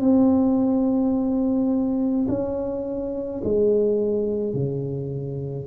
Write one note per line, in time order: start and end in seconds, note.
0.00 2.26 C4
2.28 3.42 C#4
3.44 4.53 G#3
4.53 5.67 C#3